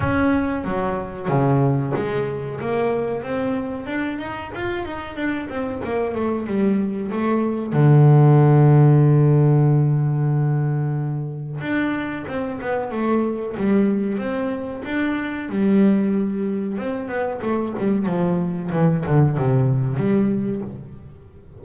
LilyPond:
\new Staff \with { instrumentName = "double bass" } { \time 4/4 \tempo 4 = 93 cis'4 fis4 cis4 gis4 | ais4 c'4 d'8 dis'8 f'8 dis'8 | d'8 c'8 ais8 a8 g4 a4 | d1~ |
d2 d'4 c'8 b8 | a4 g4 c'4 d'4 | g2 c'8 b8 a8 g8 | f4 e8 d8 c4 g4 | }